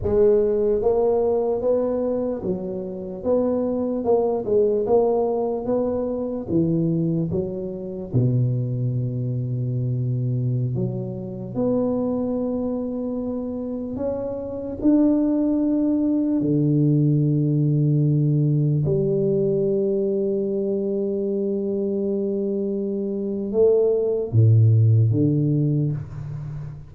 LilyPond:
\new Staff \with { instrumentName = "tuba" } { \time 4/4 \tempo 4 = 74 gis4 ais4 b4 fis4 | b4 ais8 gis8 ais4 b4 | e4 fis4 b,2~ | b,4~ b,16 fis4 b4.~ b16~ |
b4~ b16 cis'4 d'4.~ d'16~ | d'16 d2. g8.~ | g1~ | g4 a4 a,4 d4 | }